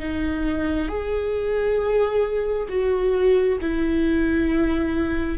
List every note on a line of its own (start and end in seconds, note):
0.00 0.89 D#4
0.89 2.68 G#4
2.69 3.59 F#4
3.62 5.38 E4